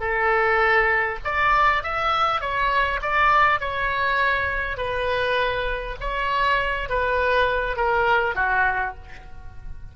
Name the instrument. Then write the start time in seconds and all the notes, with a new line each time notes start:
oboe
0.00 A4
1.24 D5
1.83 E5
2.41 C#5
3.02 D5
3.60 C#5
4.77 B4
6.00 C#5
6.89 B4
7.76 A#4
8.35 F#4